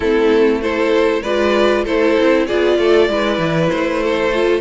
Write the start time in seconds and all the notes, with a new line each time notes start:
0.00 A3 C4 E4 A4
0.61 E4 A4 C5
1.22 G#3 F4 B4 D5
1.84 A3 E4 A4 C5
2.19 C4
2.46 B3 F4 G#4 D5
2.78 A3 A4
3.08 G#3 E4 B4
3.38 E3
3.69 A3 C5
4.03 A4
4.33 F4